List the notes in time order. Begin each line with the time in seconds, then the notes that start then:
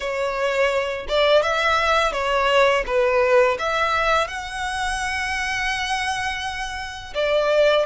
0.00 C#5
1.08 D5
1.42 E5
2.12 C#5
2.86 B4
3.58 E5
4.27 F#5
7.14 D5